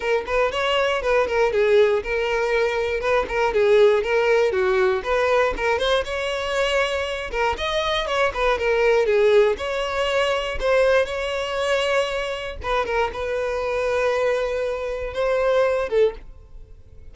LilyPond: \new Staff \with { instrumentName = "violin" } { \time 4/4 \tempo 4 = 119 ais'8 b'8 cis''4 b'8 ais'8 gis'4 | ais'2 b'8 ais'8 gis'4 | ais'4 fis'4 b'4 ais'8 c''8 | cis''2~ cis''8 ais'8 dis''4 |
cis''8 b'8 ais'4 gis'4 cis''4~ | cis''4 c''4 cis''2~ | cis''4 b'8 ais'8 b'2~ | b'2 c''4. a'8 | }